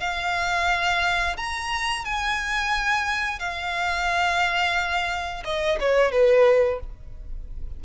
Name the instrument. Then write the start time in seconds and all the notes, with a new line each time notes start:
violin
0.00 F5
1.37 A#5
2.05 G#5
3.39 F5
5.44 D#5
5.80 C#5
6.11 B4